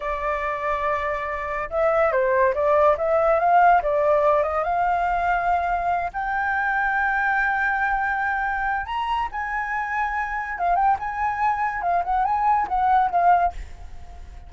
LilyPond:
\new Staff \with { instrumentName = "flute" } { \time 4/4 \tempo 4 = 142 d''1 | e''4 c''4 d''4 e''4 | f''4 d''4. dis''8 f''4~ | f''2~ f''8 g''4.~ |
g''1~ | g''4 ais''4 gis''2~ | gis''4 f''8 g''8 gis''2 | f''8 fis''8 gis''4 fis''4 f''4 | }